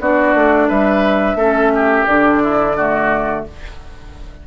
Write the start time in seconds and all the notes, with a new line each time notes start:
0.00 B3 D4 F#4 D5
0.34 A3
0.68 G3 B4 E5
1.35 A3 C#4 A4
1.75 G4
2.06 D3 D4 D5
2.43 E4
2.77 A3 F#4